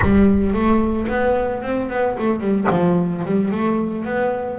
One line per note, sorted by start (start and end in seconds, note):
0.01 0.53 G3
0.53 1.07 A3
1.08 1.62 B3
1.62 1.89 C4
1.89 2.16 B3
2.19 2.40 A3
2.40 2.67 G3
2.70 3.24 F3
3.25 3.51 G3
3.51 4.04 A3
4.04 4.58 B3